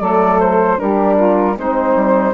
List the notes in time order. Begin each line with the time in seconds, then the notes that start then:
0.00 F#3 A3 A4 D5
0.40 C5
0.76 G3 D4 G4 A#4
1.16 F4
1.56 G#3 C4 D#4 C5
1.95 G3